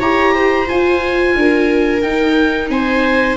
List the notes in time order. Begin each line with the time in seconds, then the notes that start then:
0.00 E4 G4 C#5 A#5
0.34 C5
0.66 F4 G#5
1.36 D4 A#4
2.02 D#4 G5
2.70 C4 C5 G#5